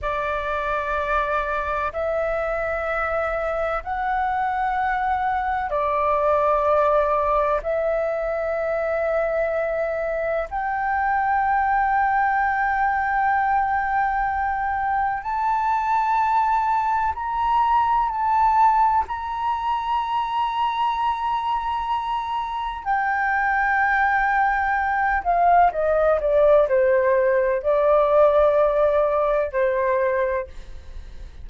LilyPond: \new Staff \with { instrumentName = "flute" } { \time 4/4 \tempo 4 = 63 d''2 e''2 | fis''2 d''2 | e''2. g''4~ | g''1 |
a''2 ais''4 a''4 | ais''1 | g''2~ g''8 f''8 dis''8 d''8 | c''4 d''2 c''4 | }